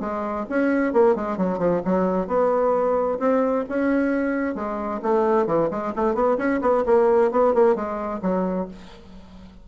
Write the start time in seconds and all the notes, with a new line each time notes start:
0.00 G#3
0.49 C#4
0.93 A#3
1.15 G#3
1.37 F#3
1.58 F3
1.85 F#3
2.27 B3
3.19 C4
3.69 C#4
4.55 G#3
5.02 A3
5.46 E3
5.70 G#3
5.96 A3
6.14 B3
6.38 C#4
6.61 B3
6.86 A#3
7.31 B3
7.54 A#3
7.75 G#3
8.22 F#3